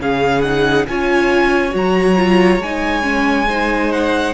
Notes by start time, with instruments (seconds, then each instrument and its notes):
0.00 cello C#3, viola C#4, violin G#4 F5
0.42 viola D#4, violin F#5
0.88 cello C#4, viola F4, violin C#5 G#5
1.71 cello F#3, viola F#4
1.77 violin A#5
2.17 viola F4
2.59 cello G#3, viola D#4, violin G#5
3.03 viola C#4
3.48 viola D#4, violin C5
3.92 violin F#5